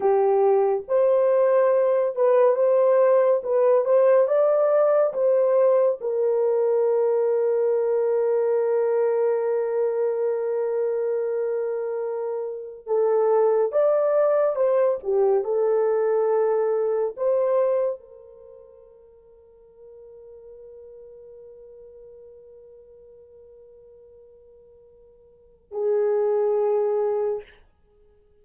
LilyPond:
\new Staff \with { instrumentName = "horn" } { \time 4/4 \tempo 4 = 70 g'4 c''4. b'8 c''4 | b'8 c''8 d''4 c''4 ais'4~ | ais'1~ | ais'2. a'4 |
d''4 c''8 g'8 a'2 | c''4 ais'2.~ | ais'1~ | ais'2 gis'2 | }